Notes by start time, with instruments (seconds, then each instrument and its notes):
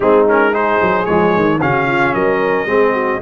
0.00 tuba G#3, trombone C4, horn D#4, trumpet G#4
0.27 trombone C#4, trumpet A#4
0.52 trombone D#4, horn G#4, trumpet C5
0.81 tuba F#3
1.05 tuba F3, trombone G#3, trumpet C#5
1.35 tuba D#3
1.61 tuba C#3, trombone C#4, horn F#4, trumpet F5
1.87 horn F4
2.14 tuba F#3, horn A#4, trumpet D#5
2.65 tuba G#3, trombone C4, horn G#4
2.93 horn F#4